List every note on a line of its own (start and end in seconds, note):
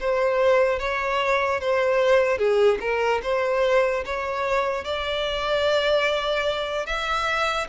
0.00 0.79 C5
0.79 1.60 C#5
1.60 2.38 C5
2.38 2.78 G#4
2.80 3.21 A#4
3.23 4.04 C5
4.05 4.84 C#5
4.84 6.86 D5
6.86 7.67 E5